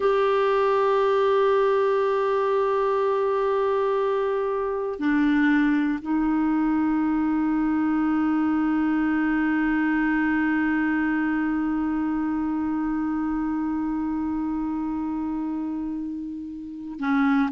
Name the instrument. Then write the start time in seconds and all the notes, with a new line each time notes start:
clarinet
0.00 G4
4.99 D4
6.01 D#4
16.99 C#4